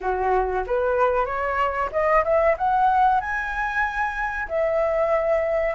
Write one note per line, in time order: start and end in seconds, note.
0.00 0.64 F#4
0.66 1.25 B4
1.25 1.89 C#5
1.91 2.23 D#5
2.24 2.56 E5
2.57 3.20 F#5
3.20 4.47 G#5
4.48 5.75 E5